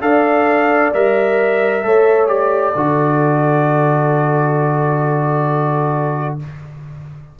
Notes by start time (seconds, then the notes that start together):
0.00 D4 A4 D5 F5
0.94 G3 A#4 E5
1.83 A3 A4 C#5
2.27 G4 D5
2.75 D3 F#4 A4